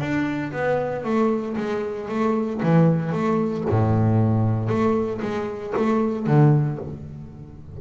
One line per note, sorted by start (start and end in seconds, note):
0.00 0.52 D4
0.52 1.04 B3
1.04 1.57 A3
1.57 2.09 G#3
2.09 2.61 A3
2.63 3.12 E3
3.12 3.65 A3
3.70 4.69 A2
4.69 5.21 A3
5.22 5.74 G#3
5.77 6.27 A3
6.27 6.79 D3